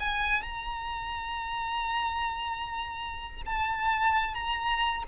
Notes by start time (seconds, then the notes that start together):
0.00 G#5
0.42 A#5
3.46 A5
4.34 A#5